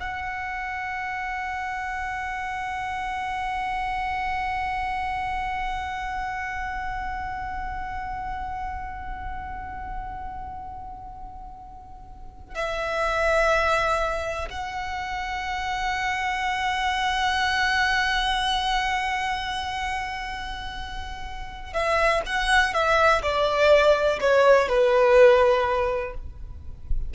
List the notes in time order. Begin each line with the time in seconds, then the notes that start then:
0.00 F#5
12.55 E5
14.50 F#5
21.73 E5
22.26 F#5
22.73 E5
23.22 D5
24.20 C#5
24.68 B4